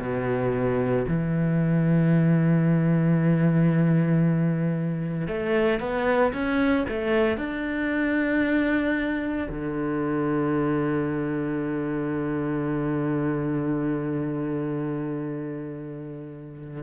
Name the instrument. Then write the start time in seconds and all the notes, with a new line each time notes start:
cello
0.00 B2
1.08 E3
5.27 A3
5.80 B3
6.33 C#4
6.89 A3
7.37 D4
9.49 D3